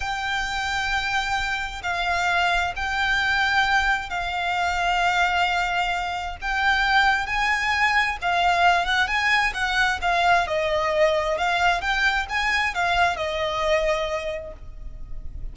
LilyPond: \new Staff \with { instrumentName = "violin" } { \time 4/4 \tempo 4 = 132 g''1 | f''2 g''2~ | g''4 f''2.~ | f''2 g''2 |
gis''2 f''4. fis''8 | gis''4 fis''4 f''4 dis''4~ | dis''4 f''4 g''4 gis''4 | f''4 dis''2. | }